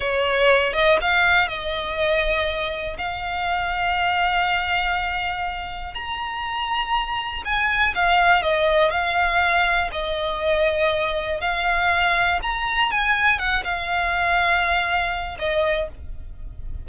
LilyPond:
\new Staff \with { instrumentName = "violin" } { \time 4/4 \tempo 4 = 121 cis''4. dis''8 f''4 dis''4~ | dis''2 f''2~ | f''1 | ais''2. gis''4 |
f''4 dis''4 f''2 | dis''2. f''4~ | f''4 ais''4 gis''4 fis''8 f''8~ | f''2. dis''4 | }